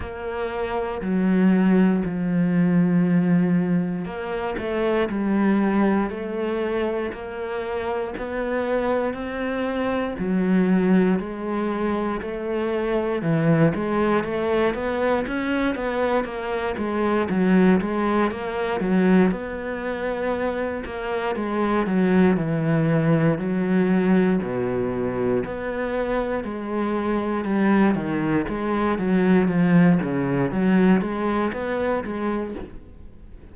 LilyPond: \new Staff \with { instrumentName = "cello" } { \time 4/4 \tempo 4 = 59 ais4 fis4 f2 | ais8 a8 g4 a4 ais4 | b4 c'4 fis4 gis4 | a4 e8 gis8 a8 b8 cis'8 b8 |
ais8 gis8 fis8 gis8 ais8 fis8 b4~ | b8 ais8 gis8 fis8 e4 fis4 | b,4 b4 gis4 g8 dis8 | gis8 fis8 f8 cis8 fis8 gis8 b8 gis8 | }